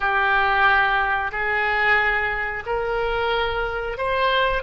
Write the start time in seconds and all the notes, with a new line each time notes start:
0.00 G4
1.31 G#4
2.66 A#4
3.97 C5